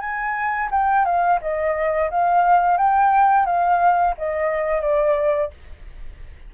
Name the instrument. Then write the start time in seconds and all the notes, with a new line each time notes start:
flute
0.00 G#5
0.71 G5
1.05 F5
1.41 D#5
2.11 F5
2.77 G5
3.46 F5
4.18 D#5
4.82 D5